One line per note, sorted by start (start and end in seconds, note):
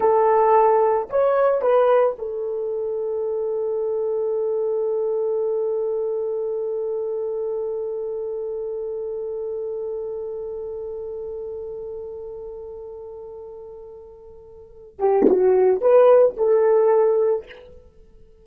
0.00 1.09 A4
1.09 1.61 C#5
1.61 2.16 B4
2.18 14.99 A4
14.99 15.26 G4
15.29 15.81 F#4
15.81 16.35 B4
16.36 17.45 A4